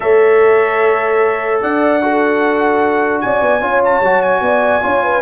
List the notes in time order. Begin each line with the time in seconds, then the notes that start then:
0.00 A3 A4 C#5 E5
1.62 D4 D5 F#5
2.01 F#4 A4
3.21 C#4 D5 G#5
3.41 B3
3.61 C#4 F4 C#5
3.84 A5
4.00 F#3 F#4
4.22 G#5
4.41 B3 D5
4.81 C#4 F4 C#5
5.03 B4